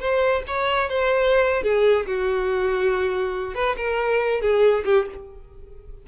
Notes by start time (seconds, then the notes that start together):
0.00 C5
0.47 C#5
0.89 C5
1.63 G#4
2.06 F#4
3.55 B4
3.77 A#4
4.41 G#4
4.85 G4